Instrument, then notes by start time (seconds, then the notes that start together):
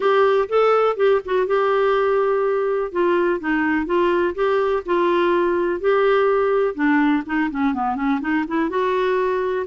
clarinet
0.00 G4
0.48 A4
0.96 G4
1.25 F#4
1.46 G4
2.92 F4
3.40 D#4
3.86 F4
4.34 G4
4.85 F4
5.80 G4
6.74 D4
7.25 D#4
7.50 C#4
7.74 B3
7.95 C#4
8.20 D#4
8.47 E4
8.69 F#4